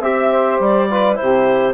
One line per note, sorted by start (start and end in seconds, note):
0.00 0.58 C4
0.00 0.90 G4
0.00 0.59 E5
0.00 0.31 E5
0.31 0.89 C5
0.59 1.18 G3
0.59 1.15 D5
0.90 1.15 F4
0.90 1.19 B4
1.15 1.73 E4
1.15 1.74 G4
1.15 1.73 C5
1.21 1.74 C3